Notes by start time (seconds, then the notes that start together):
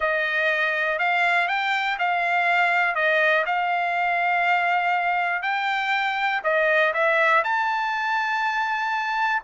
0.00 D#5
0.98 F5
1.47 G5
1.98 F5
2.95 D#5
3.46 F5
5.42 G5
6.43 D#5
6.93 E5
7.44 A5